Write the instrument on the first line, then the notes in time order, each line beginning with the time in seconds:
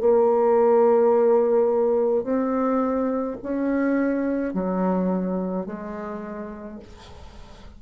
bassoon
0.00 A#3
2.23 C4
3.43 C#4
4.53 F#3
5.66 G#3